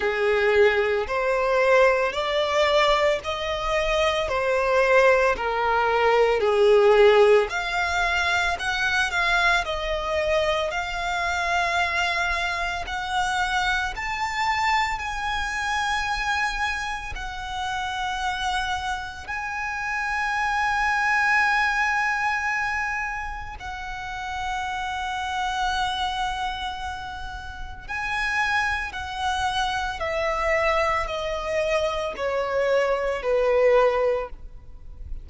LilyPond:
\new Staff \with { instrumentName = "violin" } { \time 4/4 \tempo 4 = 56 gis'4 c''4 d''4 dis''4 | c''4 ais'4 gis'4 f''4 | fis''8 f''8 dis''4 f''2 | fis''4 a''4 gis''2 |
fis''2 gis''2~ | gis''2 fis''2~ | fis''2 gis''4 fis''4 | e''4 dis''4 cis''4 b'4 | }